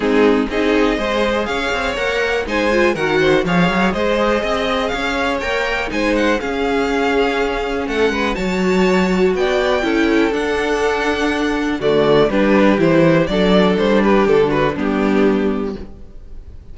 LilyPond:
<<
  \new Staff \with { instrumentName = "violin" } { \time 4/4 \tempo 4 = 122 gis'4 dis''2 f''4 | fis''4 gis''4 fis''4 f''4 | dis''2 f''4 g''4 | gis''8 fis''8 f''2. |
fis''4 a''2 g''4~ | g''4 fis''2. | d''4 b'4 c''4 d''4 | c''8 b'8 a'8 b'8 g'2 | }
  \new Staff \with { instrumentName = "violin" } { \time 4/4 dis'4 gis'4 c''4 cis''4~ | cis''4 c''4 ais'8 c''8 cis''4 | c''4 dis''4 cis''2 | c''4 gis'2. |
a'8 b'8 cis''2 d''4 | a'1 | fis'4 g'2 a'4~ | a'8 g'4 fis'8 d'2 | }
  \new Staff \with { instrumentName = "viola" } { \time 4/4 c'4 dis'4 gis'2 | ais'4 dis'8 f'8 fis'4 gis'4~ | gis'2. ais'4 | dis'4 cis'2.~ |
cis'4 fis'2. | e'4 d'2. | a4 d'4 e'4 d'4~ | d'2 b2 | }
  \new Staff \with { instrumentName = "cello" } { \time 4/4 gis4 c'4 gis4 cis'8 c'8 | ais4 gis4 dis4 f8 fis8 | gis4 c'4 cis'4 ais4 | gis4 cis'2. |
a8 gis8 fis2 b4 | cis'4 d'2. | d4 g4 e4 fis4 | g4 d4 g2 | }
>>